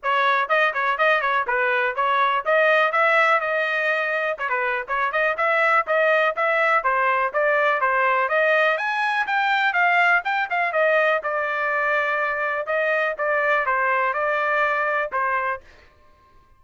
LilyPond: \new Staff \with { instrumentName = "trumpet" } { \time 4/4 \tempo 4 = 123 cis''4 dis''8 cis''8 dis''8 cis''8 b'4 | cis''4 dis''4 e''4 dis''4~ | dis''4 cis''16 b'8. cis''8 dis''8 e''4 | dis''4 e''4 c''4 d''4 |
c''4 dis''4 gis''4 g''4 | f''4 g''8 f''8 dis''4 d''4~ | d''2 dis''4 d''4 | c''4 d''2 c''4 | }